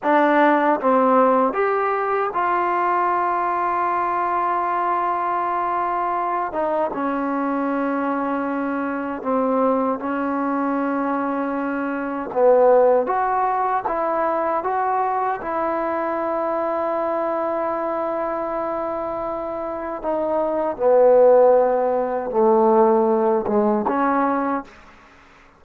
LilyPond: \new Staff \with { instrumentName = "trombone" } { \time 4/4 \tempo 4 = 78 d'4 c'4 g'4 f'4~ | f'1~ | f'8 dis'8 cis'2. | c'4 cis'2. |
b4 fis'4 e'4 fis'4 | e'1~ | e'2 dis'4 b4~ | b4 a4. gis8 cis'4 | }